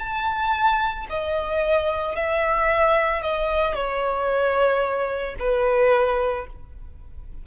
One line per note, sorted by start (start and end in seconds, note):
0.00 1.07 A5
1.10 2.16 D#5
2.16 3.22 E5
3.22 3.75 D#5
3.75 5.36 C#5
5.40 6.47 B4